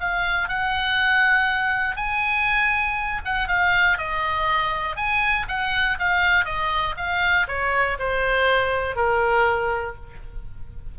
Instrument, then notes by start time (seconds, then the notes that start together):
oboe
0.00 F5
0.48 F#5
1.96 G#5
3.25 F#5
3.48 F5
3.98 D#5
4.96 G#5
5.48 F#5
5.99 F5
6.45 D#5
6.97 F5
7.47 C#5
7.99 C5
8.96 A#4